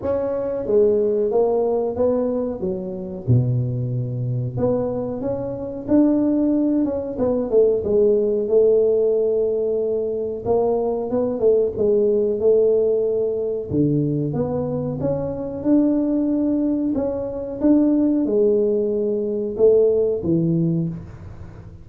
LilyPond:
\new Staff \with { instrumentName = "tuba" } { \time 4/4 \tempo 4 = 92 cis'4 gis4 ais4 b4 | fis4 b,2 b4 | cis'4 d'4. cis'8 b8 a8 | gis4 a2. |
ais4 b8 a8 gis4 a4~ | a4 d4 b4 cis'4 | d'2 cis'4 d'4 | gis2 a4 e4 | }